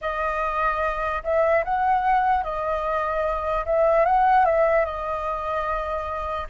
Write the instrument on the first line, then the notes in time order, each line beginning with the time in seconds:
flute
0.01 D#5
1.23 E5
1.64 F#5
2.43 D#5
3.65 E5
4.05 F#5
4.45 E5
4.85 D#5